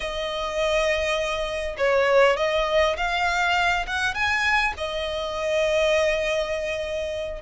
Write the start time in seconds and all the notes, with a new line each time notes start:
0.00 D#5
1.77 C#5
2.37 D#5
2.96 F5
3.86 F#5
4.14 G#5
4.77 D#5